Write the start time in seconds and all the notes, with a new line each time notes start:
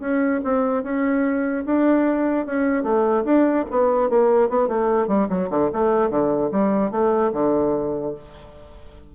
0.00 C#4
0.44 C4
0.83 C#4
1.66 D4
2.46 C#4
2.83 A3
3.25 D4
3.70 B3
4.09 A#3
4.49 B3
4.68 A3
5.07 G3
5.29 F#3
5.50 D3
5.73 A3
6.10 D3
6.51 G3
6.91 A3
7.33 D3